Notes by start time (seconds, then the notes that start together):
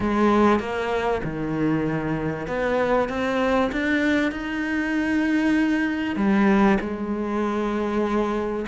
0.00 G#3
0.59 A#3
1.23 D#3
2.47 B3
3.08 C4
3.72 D4
4.31 D#4
6.16 G3
6.80 G#3